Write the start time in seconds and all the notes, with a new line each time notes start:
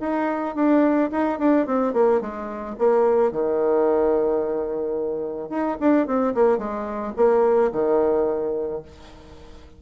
0.00 D#4
0.55 D4
1.12 D#4
1.39 D4
1.66 C4
1.93 A#3
2.21 G#3
2.78 A#3
3.32 D#3
5.50 D#4
5.80 D4
6.07 C4
6.34 A#3
6.58 G#3
7.17 A#3
7.72 D#3